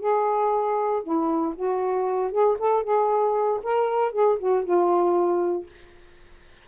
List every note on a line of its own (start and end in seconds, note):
0.00 1.03 G#4
1.03 1.54 E4
1.55 2.31 F#4
2.31 2.57 G#4
2.59 2.83 A4
2.83 3.60 G#4
3.63 4.12 A#4
4.12 4.38 G#4
4.39 4.64 F#4
4.64 5.67 F4